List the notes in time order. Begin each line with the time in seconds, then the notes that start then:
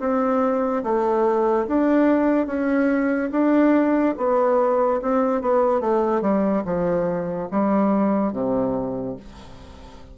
0.00 C4
0.84 A3
1.67 D4
2.47 C#4
3.32 D4
4.18 B3
5.02 C4
5.42 B3
5.81 A3
6.22 G3
6.66 F3
7.52 G3
8.33 C3